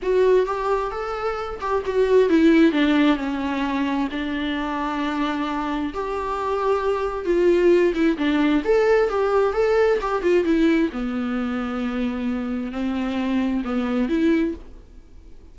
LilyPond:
\new Staff \with { instrumentName = "viola" } { \time 4/4 \tempo 4 = 132 fis'4 g'4 a'4. g'8 | fis'4 e'4 d'4 cis'4~ | cis'4 d'2.~ | d'4 g'2. |
f'4. e'8 d'4 a'4 | g'4 a'4 g'8 f'8 e'4 | b1 | c'2 b4 e'4 | }